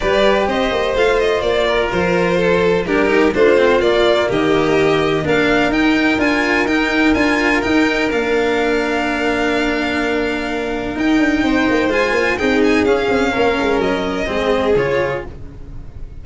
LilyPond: <<
  \new Staff \with { instrumentName = "violin" } { \time 4/4 \tempo 4 = 126 d''4 dis''4 f''8 dis''8 d''4 | c''2 ais'4 c''4 | d''4 dis''2 f''4 | g''4 gis''4 g''4 gis''4 |
g''4 f''2.~ | f''2. g''4~ | g''4 gis''4 g''8 gis''8 f''4~ | f''4 dis''2 cis''4 | }
  \new Staff \with { instrumentName = "violin" } { \time 4/4 b'4 c''2~ c''8 ais'8~ | ais'4 a'4 g'4 f'4~ | f'4 g'2 ais'4~ | ais'1~ |
ais'1~ | ais'1 | c''2 gis'2 | ais'2 gis'2 | }
  \new Staff \with { instrumentName = "cello" } { \time 4/4 g'2 f'2~ | f'2 d'8 dis'8 d'8 c'8 | ais2. d'4 | dis'4 f'4 dis'4 f'4 |
dis'4 d'2.~ | d'2. dis'4~ | dis'4 f'4 dis'4 cis'4~ | cis'2 c'4 f'4 | }
  \new Staff \with { instrumentName = "tuba" } { \time 4/4 g4 c'8 ais8 a4 ais4 | f2 g4 a4 | ais4 dis2 ais4 | dis'4 d'4 dis'4 d'4 |
dis'4 ais2.~ | ais2. dis'8 d'8 | c'8 ais8 gis8 ais8 c'4 cis'8 c'8 | ais8 gis8 fis4 gis4 cis4 | }
>>